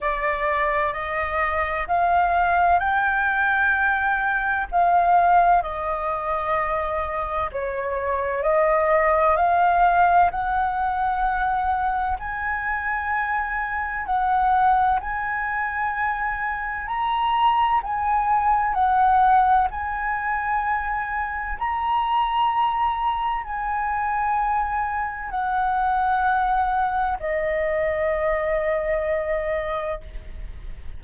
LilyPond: \new Staff \with { instrumentName = "flute" } { \time 4/4 \tempo 4 = 64 d''4 dis''4 f''4 g''4~ | g''4 f''4 dis''2 | cis''4 dis''4 f''4 fis''4~ | fis''4 gis''2 fis''4 |
gis''2 ais''4 gis''4 | fis''4 gis''2 ais''4~ | ais''4 gis''2 fis''4~ | fis''4 dis''2. | }